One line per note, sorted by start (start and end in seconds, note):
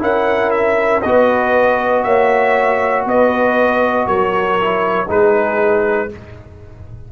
0.00 1.03 C#4
0.00 1.02 E4
0.00 1.05 A#4
0.00 0.51 F#5
0.51 1.02 E5
1.02 2.05 B3
1.02 4.61 F#4
1.02 2.06 B4
1.02 2.04 D#5
2.04 3.06 A#3
2.04 3.07 C#5
2.04 3.05 E5
3.06 4.07 B3
3.06 4.07 B4
3.06 4.08 D#5
4.07 5.09 F#3
4.07 5.09 A#4
4.07 5.09 C#5
4.61 5.07 E4
5.07 6.11 G#3
5.07 6.09 D#4
5.07 6.11 G#4
5.07 6.12 B4